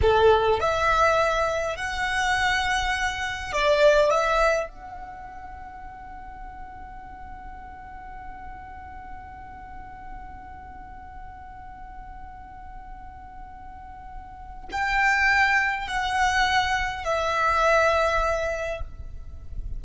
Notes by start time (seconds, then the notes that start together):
0.01 A4
0.60 E5
1.76 F#5
3.52 D5
4.10 E5
4.68 F#5
14.71 G5
15.87 F#5
17.04 E5